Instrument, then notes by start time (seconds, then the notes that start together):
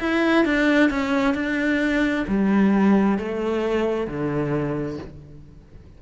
cello
0.00 E4
0.45 D4
0.90 C#4
1.35 D4
2.28 G3
3.19 A3
4.08 D3